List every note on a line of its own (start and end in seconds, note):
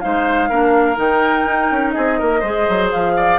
0.00 0.50 G#3
0.00 0.50 D#4
0.00 0.49 C5
0.00 0.97 F5
0.49 0.97 A#3
0.49 0.95 D4
0.49 1.94 A#4
0.95 1.45 D#3
0.95 2.40 D#4
0.95 1.91 G5
1.45 1.70 D#4
1.70 1.95 C#4
1.91 2.18 G#4
1.91 2.87 D#5
1.97 2.21 C4
2.18 2.43 A#3
2.18 2.39 A#4
2.39 2.67 G#3
2.39 3.38 G#4
2.39 3.12 C5
2.68 2.93 F#3
2.91 3.38 F3
2.91 3.38 F5
3.16 3.38 D5